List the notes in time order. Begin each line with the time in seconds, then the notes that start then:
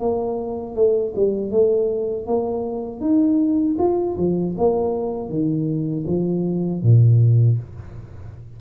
0.00 A#3
0.76 A3
1.16 G3
1.51 A3
2.27 A#3
3.01 D#4
3.79 F4
4.18 F3
4.58 A#3
5.29 D#3
6.07 F3
6.83 A#2